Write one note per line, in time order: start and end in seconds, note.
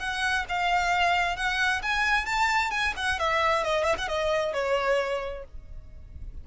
0.00 0.45 F#5
0.49 1.37 F5
1.37 1.82 F#5
1.83 2.26 G#5
2.26 2.71 A5
2.71 2.94 G#5
2.97 3.20 F#5
3.20 3.64 E5
3.64 3.85 D#5
3.85 3.96 E5
3.99 4.08 F#5
4.08 4.54 D#5
4.54 5.45 C#5